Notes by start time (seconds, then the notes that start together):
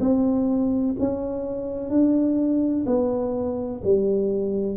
0.00 C4
0.99 C#4
1.90 D4
2.86 B3
3.84 G3